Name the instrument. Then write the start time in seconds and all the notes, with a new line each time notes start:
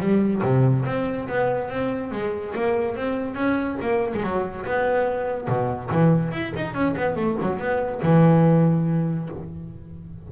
double bass
0.00 G3
0.43 C3
0.86 C4
1.28 B3
1.69 C4
2.11 G#3
2.55 A#3
2.96 C4
3.35 C#4
3.81 A#3
4.14 G#3
4.23 F#3
4.66 B3
5.48 B2
5.91 E3
6.32 E4
6.56 D#4
6.74 C#4
6.96 B3
7.16 A3
7.42 F#3
7.59 B3
8.03 E3